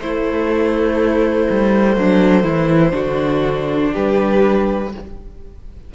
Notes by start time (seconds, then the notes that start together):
0.00 A3 E4 C5
1.50 G3
1.97 F#3 D4
2.44 E3 E4
2.91 D3 D4 F#4
3.92 G3 G4 B4